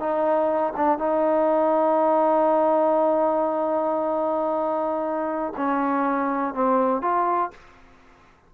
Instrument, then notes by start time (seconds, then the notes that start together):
trombone
0.00 D#4
0.77 D4
0.99 D#4
5.57 C#4
6.54 C4
7.02 F4